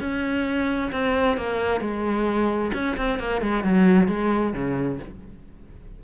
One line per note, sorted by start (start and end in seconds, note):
0.00 0.91 C#4
0.92 1.37 C4
1.37 1.80 A#3
1.80 2.71 G#3
2.74 2.96 C#4
2.97 3.19 C4
3.19 3.41 A#3
3.41 3.64 G#3
3.64 4.08 F#3
4.08 4.53 G#3
4.53 4.99 C#3